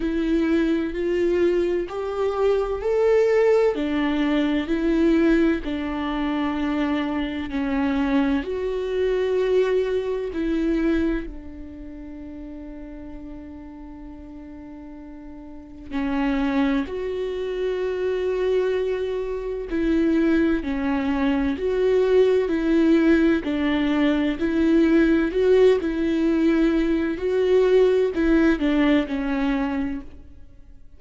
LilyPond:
\new Staff \with { instrumentName = "viola" } { \time 4/4 \tempo 4 = 64 e'4 f'4 g'4 a'4 | d'4 e'4 d'2 | cis'4 fis'2 e'4 | d'1~ |
d'4 cis'4 fis'2~ | fis'4 e'4 cis'4 fis'4 | e'4 d'4 e'4 fis'8 e'8~ | e'4 fis'4 e'8 d'8 cis'4 | }